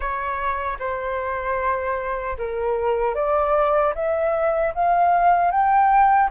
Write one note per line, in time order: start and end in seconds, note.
0.00 0.77 C#5
0.79 2.37 C5
2.38 3.14 A#4
3.14 3.93 D5
3.94 4.73 E5
4.74 5.51 F5
5.51 6.30 G5